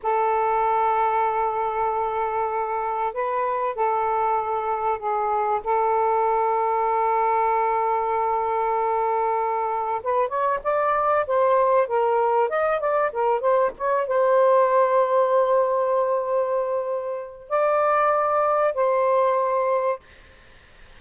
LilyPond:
\new Staff \with { instrumentName = "saxophone" } { \time 4/4 \tempo 4 = 96 a'1~ | a'4 b'4 a'2 | gis'4 a'2.~ | a'1 |
b'8 cis''8 d''4 c''4 ais'4 | dis''8 d''8 ais'8 c''8 cis''8 c''4.~ | c''1 | d''2 c''2 | }